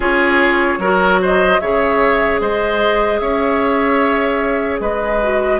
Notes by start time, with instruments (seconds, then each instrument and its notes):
0.00 bassoon C#4, clarinet F4, oboe G#4, flute C#5
0.78 bassoon F#3, clarinet F#4, oboe A#4
1.21 oboe C5, flute D#5
1.60 bassoon C#3, clarinet G#4, oboe C#5, flute E5
2.40 bassoon G#3, oboe C5, flute D#5
3.19 bassoon C#4, oboe C#5, flute E5
4.80 bassoon G#3, oboe B4, flute D#5
5.22 clarinet F#4